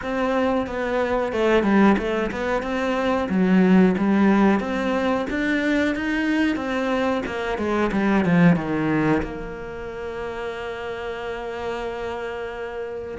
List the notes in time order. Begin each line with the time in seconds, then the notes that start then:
0.02 C4
0.67 B3
1.32 A3
1.63 G3
1.98 A3
2.31 B3
2.62 C4
3.29 F#3
3.97 G3
4.60 C4
5.30 D4
5.95 D#4
6.55 C4
7.26 A#3
7.57 G#3
7.92 G3
8.24 F3
8.56 D#3
9.22 A#3